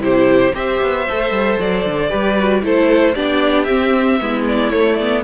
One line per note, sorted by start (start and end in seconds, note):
0.00 0.52 C3
0.00 0.52 E4
0.00 0.55 G4
0.00 0.55 C5
0.54 0.81 C4
0.54 1.06 G4
0.54 2.10 C5
0.54 1.60 E5
0.82 1.08 B3
1.09 1.31 A3
1.09 2.09 A4
1.31 1.57 G3
1.60 1.85 F#3
1.60 2.64 D5
1.85 2.11 D3
2.09 2.63 G3
2.09 2.35 G4
2.09 2.62 B4
2.39 2.62 F#4
2.62 3.16 A3
2.62 3.14 E4
2.62 3.15 A4
2.62 3.15 C5
3.15 3.68 B3
3.15 3.68 D4
3.15 4.19 G4
3.15 3.64 D5
3.64 4.20 C4
3.64 4.42 E5
4.20 4.72 G#3
4.20 4.72 B3
4.20 5.24 E4
4.48 4.70 D5
4.70 4.98 A3
4.70 5.24 A3
4.70 4.95 C#5
4.95 5.24 B3
4.95 5.22 D5